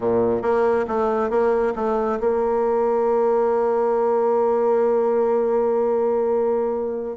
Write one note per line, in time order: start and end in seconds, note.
0.00 0.42 A#2
0.42 0.85 A#3
0.87 1.29 A3
1.29 1.73 A#3
1.75 2.19 A3
2.20 7.16 A#3